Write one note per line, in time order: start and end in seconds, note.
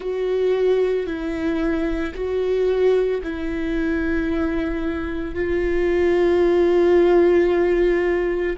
0.00 1.06 F#4
1.06 2.13 E4
2.14 3.21 F#4
3.22 5.34 E4
5.34 8.56 F4